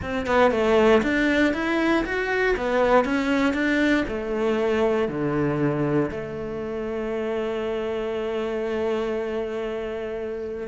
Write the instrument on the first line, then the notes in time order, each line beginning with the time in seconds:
cello
0.02 C4
0.26 B3
0.51 A3
1.02 D4
1.53 E4
2.05 F#4
2.57 B3
3.04 C#4
3.53 D4
4.07 A3
5.08 D3
6.10 A3